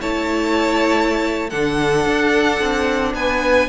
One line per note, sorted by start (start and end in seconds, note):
0.00 1.52 A3
0.00 1.50 E4
0.00 1.50 C#5
0.00 1.50 A5
1.50 2.06 D3
1.50 3.68 D4
1.50 3.13 A4
1.50 3.13 F#5
2.06 2.60 D4
2.60 3.14 C4
3.14 3.68 B3
3.14 3.68 B4
3.14 3.68 G#5